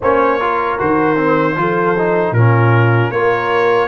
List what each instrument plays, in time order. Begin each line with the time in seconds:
0.00 tuba A#3, trombone C#4, horn C5, trumpet C#5
0.40 trombone F4, horn A#4
0.78 tuba D#3, trombone F#4, trumpet C5
1.16 trombone C4
1.56 tuba F3, trombone F4, horn A4
1.97 trombone D#4
2.31 tuba A#2, trombone C#4, horn F4, trumpet A#4
3.10 tuba A#3, trombone F4, horn A#4, trumpet C#5